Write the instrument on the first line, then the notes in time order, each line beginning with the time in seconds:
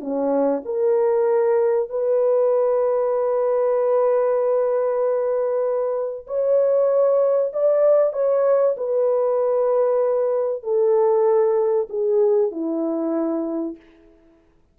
horn
0.00 C#4
0.65 A#4
1.89 B4
6.27 C#5
7.53 D5
8.13 C#5
8.77 B4
10.63 A4
11.89 G#4
12.51 E4